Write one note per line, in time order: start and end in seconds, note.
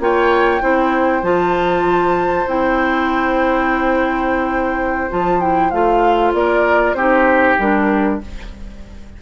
0.00 0.62 A#3
0.00 0.61 F4
0.00 0.63 C#5
0.00 1.24 G5
0.61 1.23 C4
0.61 1.23 E4
0.61 6.35 C5
1.23 2.46 F3
1.23 2.47 F4
1.23 2.48 A5
2.47 5.10 C4
2.47 5.10 E4
2.47 5.12 G5
5.10 5.72 F3
5.10 5.41 F4
5.10 5.41 A5
5.41 5.72 E4
5.41 5.71 G5
5.71 6.34 A3
5.71 6.97 F4
5.71 6.33 F5
6.34 6.94 A#3
6.34 6.97 A#4
6.34 6.94 D5
6.94 7.56 C4
6.94 7.59 D#4
6.94 8.20 G4
6.94 7.56 C5
7.59 8.21 G3
7.59 8.22 D4
7.59 8.22 A#4